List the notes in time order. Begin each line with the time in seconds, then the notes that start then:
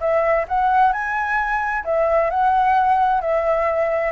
0.00 E5
0.48 F#5
0.92 G#5
1.84 E5
2.30 F#5
3.21 E5